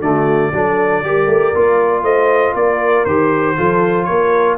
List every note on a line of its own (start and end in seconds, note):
0.00 0.51 D3
0.00 0.52 A3
0.00 0.52 F#4
0.00 2.03 D5
0.52 1.02 F#3
0.52 1.04 D4
0.52 1.05 A4
1.02 1.26 G3
1.02 1.54 G4
1.02 2.03 A#4
1.26 1.52 A3
1.54 2.02 A#3
1.54 3.07 F4
2.02 2.53 A3
2.02 2.54 C5
2.02 2.54 D#5
2.54 3.05 A#3
2.54 3.56 A#4
2.54 3.04 D5
3.04 3.56 D#3
3.04 3.57 G4
3.04 4.04 C5
3.56 4.09 F3
3.56 4.57 F4
3.56 4.07 A4
4.04 4.57 A#3
4.04 4.57 A#4
4.04 4.55 C#5